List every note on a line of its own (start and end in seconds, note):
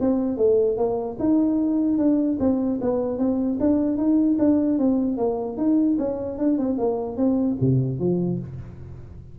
0.00 0.37 C4
0.37 0.77 A3
0.77 1.17 A#3
1.19 1.97 D#4
1.97 2.37 D4
2.39 2.79 C4
2.81 3.18 B3
3.18 3.58 C4
3.59 3.97 D4
3.97 4.37 D#4
4.38 4.78 D4
4.78 5.17 C4
5.17 5.57 A#3
5.57 5.97 D#4
5.98 6.38 C#4
6.38 6.58 D4
6.58 6.78 C4
6.78 7.17 A#3
7.17 7.57 C4
7.60 7.99 C3
7.99 8.39 F3